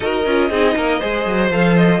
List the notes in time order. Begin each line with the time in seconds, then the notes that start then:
0.00 D#4 F#4 A#4 D#5
0.25 C#4 F4
0.49 C4 D#4 G#4
0.75 A#3 A#4
0.99 G#3 G#4 C5
1.25 F#3
1.50 F3 A4 F5
1.77 D#5